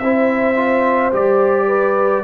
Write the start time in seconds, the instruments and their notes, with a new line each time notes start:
0.00 tuba C4, trombone E4, horn C5, trumpet E5
0.56 trombone F4
1.13 tuba G3, trombone G4, trumpet D5
1.68 horn B4